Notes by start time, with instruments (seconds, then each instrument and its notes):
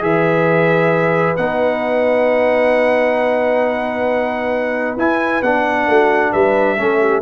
0.00 tuba E3, trombone G#4, horn B4, trumpet E5
1.36 tuba B3, trombone D#4, trumpet F#5
4.97 tuba E4, trombone E4, trumpet G#5
5.42 tuba B3, trombone D4, trumpet F#5
5.87 tuba A3, horn F#4
6.32 tuba G3, horn B4, trumpet E5
6.77 tuba A3, trombone C#4, horn A4
7.00 horn G4